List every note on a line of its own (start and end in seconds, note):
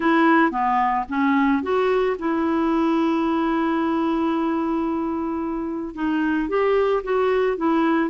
0.00 0.51 E4
0.51 1.05 B3
1.08 1.62 C#4
1.62 2.16 F#4
2.18 5.95 E4
5.95 6.48 D#4
6.48 7.02 G4
7.03 7.57 F#4
7.57 8.10 E4